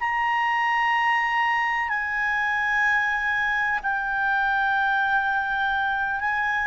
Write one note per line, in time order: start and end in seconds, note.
0.00 1.89 A#5
1.89 3.79 G#5
3.83 6.20 G5
6.20 6.67 G#5